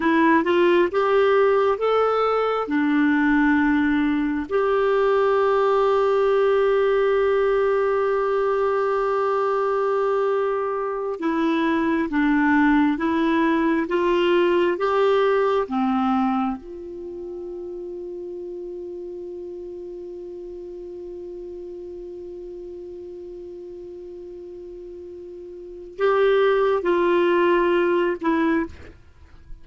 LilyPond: \new Staff \with { instrumentName = "clarinet" } { \time 4/4 \tempo 4 = 67 e'8 f'8 g'4 a'4 d'4~ | d'4 g'2.~ | g'1~ | g'8 e'4 d'4 e'4 f'8~ |
f'8 g'4 c'4 f'4.~ | f'1~ | f'1~ | f'4 g'4 f'4. e'8 | }